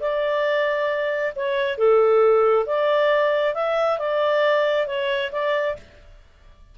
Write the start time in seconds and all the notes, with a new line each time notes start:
0.00 D5
1.35 C#5
1.78 A4
2.66 D5
3.54 E5
3.98 D5
4.86 C#5
5.32 D5